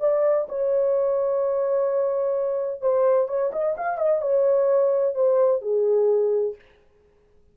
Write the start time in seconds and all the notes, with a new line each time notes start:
0.00 D5
0.49 C#5
2.81 C5
3.28 C#5
3.52 D#5
3.77 F5
3.98 D#5
4.21 C#5
5.15 C5
5.61 G#4